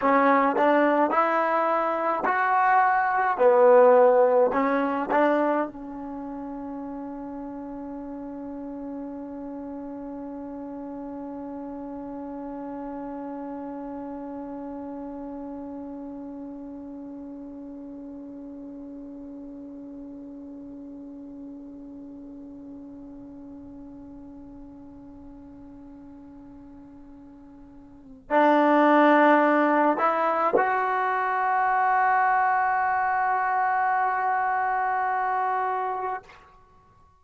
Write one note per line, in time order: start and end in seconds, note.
0.01 0.56 C#4
0.56 1.10 D4
1.10 2.23 E4
2.25 3.37 F#4
3.37 4.50 B3
4.53 5.09 C#4
5.11 5.67 D4
5.67 28.30 C#4
28.30 29.97 D4
29.97 30.54 E4
30.57 36.23 F#4